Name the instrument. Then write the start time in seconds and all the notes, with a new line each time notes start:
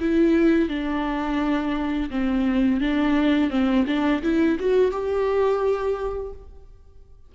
viola
0.00 E4
0.69 D4
2.10 C4
2.81 D4
3.50 C4
3.87 D4
4.23 E4
4.59 F#4
4.91 G4